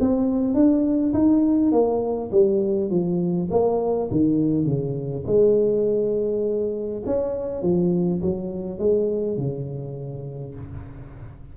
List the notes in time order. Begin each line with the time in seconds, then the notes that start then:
0.00 C4
0.54 D4
1.13 D#4
1.72 A#3
2.31 G3
2.90 F3
3.51 A#3
4.11 D#3
4.65 C#3
5.26 G#3
7.06 C#4
7.62 F3
8.22 F#3
8.79 G#3
9.37 C#3